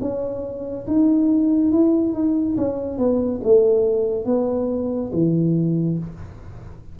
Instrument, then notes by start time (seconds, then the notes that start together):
tuba
0.00 C#4
0.86 D#4
1.71 E4
2.13 D#4
2.57 C#4
2.98 B3
3.43 A3
4.25 B3
5.12 E3